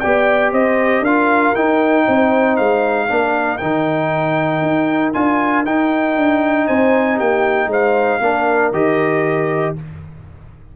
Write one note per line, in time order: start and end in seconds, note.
0.00 0.52 B3
0.00 1.06 G4
0.00 0.52 D5
0.00 0.51 G5
0.52 1.00 C4
0.52 1.02 C5
0.52 1.04 D#5
1.00 1.51 D4
1.00 2.05 A#4
1.00 1.55 F5
1.06 1.55 F4
1.55 2.06 D#4
1.55 3.08 D#4
1.55 2.56 G5
2.05 2.59 C4
2.05 3.07 C5
2.56 3.10 G#3
2.56 3.57 F5
3.07 3.61 A#3
3.07 3.60 D4
3.07 6.66 A#4
3.57 4.61 D#3
3.57 5.13 D#4
3.57 5.11 G5
4.61 5.13 D#4
5.13 5.65 D4
5.13 5.65 F4
5.13 5.64 G#5
5.65 6.16 D#4
5.65 8.22 D#4
5.65 6.67 G5
6.16 6.67 D4
6.66 7.20 C4
6.66 7.16 C5
6.66 7.18 G#5
7.16 7.67 A#3
7.16 7.67 G4
7.16 7.71 G5
7.67 8.18 G#3
7.67 8.21 C5
7.67 8.73 F5
8.20 8.71 A#3
8.20 8.73 D4
8.20 9.75 A#4
8.71 9.74 D#3
8.71 9.76 G4
8.71 9.75 D#5